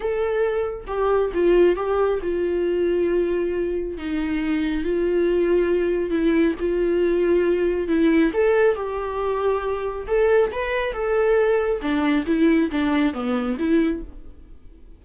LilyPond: \new Staff \with { instrumentName = "viola" } { \time 4/4 \tempo 4 = 137 a'2 g'4 f'4 | g'4 f'2.~ | f'4 dis'2 f'4~ | f'2 e'4 f'4~ |
f'2 e'4 a'4 | g'2. a'4 | b'4 a'2 d'4 | e'4 d'4 b4 e'4 | }